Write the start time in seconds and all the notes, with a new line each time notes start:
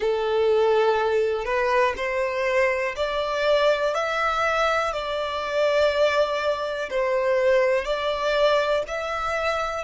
0.00 A4
1.44 B4
1.96 C5
2.96 D5
3.94 E5
4.92 D5
6.90 C5
7.84 D5
8.87 E5